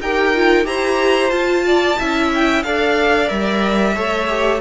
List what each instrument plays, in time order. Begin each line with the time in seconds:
0.00 cello D#4, viola G4, violin A#4 G5
0.35 viola F4
0.64 cello E4, viola G4, violin C5 A#5
1.30 viola F4, cello F4, violin A5
1.66 violin D5
1.98 cello C#4, viola E4, violin E5
2.34 violin G5
2.63 cello D4, viola A4, violin D5 F5
3.28 cello G3, viola A#4, violin E5
3.95 cello A3, viola A4, violin C#5
4.27 viola G4